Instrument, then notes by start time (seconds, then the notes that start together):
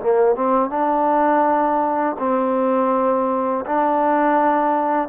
trombone
0.00 A#3
0.36 C4
0.70 D4
2.19 C4
3.66 D4